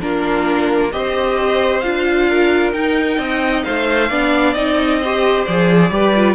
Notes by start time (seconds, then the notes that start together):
0.00 A#3 D4 F4 A#4
0.91 C4 G4 C5 D#5
1.80 D4 F4 F5
2.29 A#4
2.72 D#4 G5
3.17 C4 D#5
3.63 A3 C5 F5
4.08 B3 D4 D5
4.54 C4 D#4 D#5
5.00 G4 C5
5.45 F3 G#4 D5
5.90 G3 G4 B4
6.15 F4